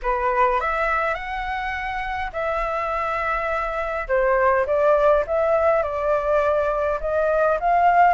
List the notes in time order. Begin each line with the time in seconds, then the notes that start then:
0.02 B4
0.60 E5
1.14 F#5
2.32 E5
4.08 C5
4.66 D5
5.27 E5
5.83 D5
7.00 D#5
7.59 F5